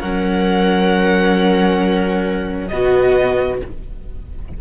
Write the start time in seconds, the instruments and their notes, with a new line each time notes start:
0.00 cello F#3 C#4, viola A#4, violin F#5
2.68 cello B2 B3, viola F#4, violin D#5